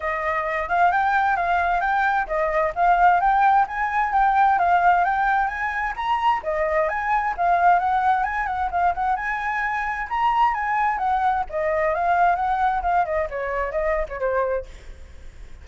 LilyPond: \new Staff \with { instrumentName = "flute" } { \time 4/4 \tempo 4 = 131 dis''4. f''8 g''4 f''4 | g''4 dis''4 f''4 g''4 | gis''4 g''4 f''4 g''4 | gis''4 ais''4 dis''4 gis''4 |
f''4 fis''4 gis''8 fis''8 f''8 fis''8 | gis''2 ais''4 gis''4 | fis''4 dis''4 f''4 fis''4 | f''8 dis''8 cis''4 dis''8. cis''16 c''4 | }